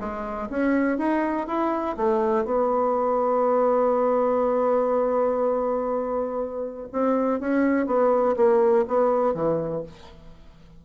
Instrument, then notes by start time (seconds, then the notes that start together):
bassoon
0.00 G#3
0.50 C#4
0.98 D#4
1.48 E4
1.97 A3
2.45 B3
6.93 C4
7.40 C#4
7.87 B3
8.37 A#3
8.88 B3
9.34 E3